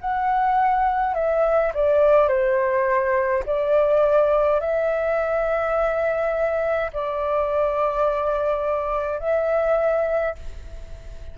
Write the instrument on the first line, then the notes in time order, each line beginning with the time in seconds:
flute
0.00 F#5
1.14 E5
1.74 D5
2.28 C5
3.46 D5
4.60 E5
6.93 D5
9.19 E5